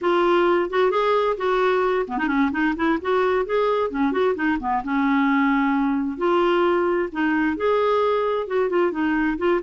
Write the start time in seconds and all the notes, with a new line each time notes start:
0.01 F4
0.70 F#4
0.90 G#4
1.37 F#4
2.07 B3
2.18 D#4
2.27 C#4
2.51 D#4
2.76 E4
3.01 F#4
3.45 G#4
3.90 C#4
4.12 F#4
4.35 D#4
4.59 B3
4.83 C#4
6.17 F4
7.12 D#4
7.57 G#4
8.47 F#4
8.69 F4
8.91 D#4
9.38 F4